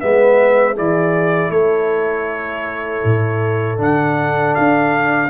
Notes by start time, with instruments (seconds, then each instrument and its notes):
0.00 tuba G#3, trombone B3, horn B4, trumpet E5
0.74 tuba E3, trombone E4, horn G#4, trumpet D5
1.50 tuba A3, horn A4, trumpet C#5
3.04 tuba A2
3.78 tuba D3, trombone D4, trumpet F#5
4.55 tuba D4, trumpet F5